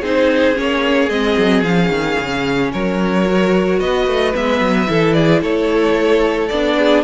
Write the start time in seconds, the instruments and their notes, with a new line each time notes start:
0.00 cello C4, viola D#4, violin G#4 C5
0.54 cello A#3, viola C#4, violin C#5
1.09 cello G#3, viola C4, violin D#5
1.38 cello F#3
1.63 cello F3, viola C#4, violin F5
1.89 cello D#3
2.19 cello C#3
2.73 cello F#3, violin A#4 C#5
3.26 viola F#4
3.80 cello B3, violin B4 D#5
4.07 cello A3
4.34 cello G#3, viola B3, violin E5
4.61 cello F#3
4.87 cello E3, viola E4, violin A4
5.13 violin G#4 D5
5.42 cello A3, violin A4 C#5
6.48 cello B3, viola D4, violin D5
6.78 violin G#4